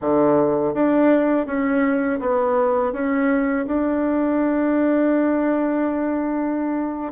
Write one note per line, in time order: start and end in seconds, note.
0.01 0.74 D3
0.74 1.46 D4
1.46 2.19 C#4
2.20 2.92 B3
2.92 3.66 C#4
3.66 7.12 D4